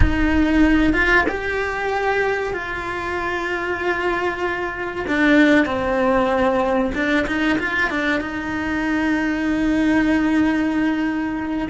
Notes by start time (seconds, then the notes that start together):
0.00 D#4
0.93 F4
1.28 G4
2.53 F4
5.07 D4
5.65 C4
6.94 D4
7.26 D#4
7.58 F4
7.89 D4
8.20 D#4